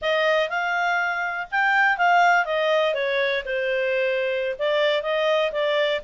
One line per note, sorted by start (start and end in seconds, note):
0.01 0.49 D#5
0.49 1.47 F5
1.51 1.97 G5
1.97 2.45 F5
2.45 2.94 D#5
2.94 3.43 C#5
3.45 4.56 C5
4.58 5.02 D5
5.02 5.51 D#5
5.51 6.01 D5